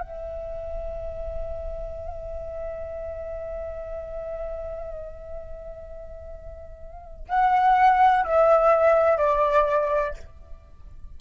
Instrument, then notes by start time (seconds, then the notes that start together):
flute
0.00 E5
7.28 F#5
8.24 E5
9.17 D5